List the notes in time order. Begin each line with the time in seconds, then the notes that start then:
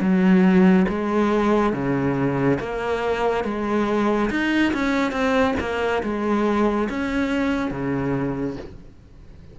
0.00 F#3
0.89 G#3
1.73 C#3
2.60 A#3
3.44 G#3
4.30 D#4
4.73 C#4
5.12 C4
5.60 A#3
6.03 G#3
6.90 C#4
7.71 C#3